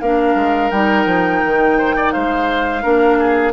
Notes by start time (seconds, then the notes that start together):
0.00 A#3 D4 A#4 F5
0.35 G#3
0.71 G3 D#4 G5
1.05 F3
1.45 D#3
1.77 C5
1.96 D5
2.11 G#3 C5 F5
2.82 A#3 D4 A#4
3.19 G#4